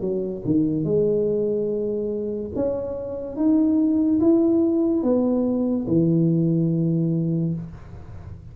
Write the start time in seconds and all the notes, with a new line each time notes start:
0.00 F#3
0.45 D#3
0.84 G#3
2.55 C#4
3.36 D#4
4.20 E4
5.03 B3
5.87 E3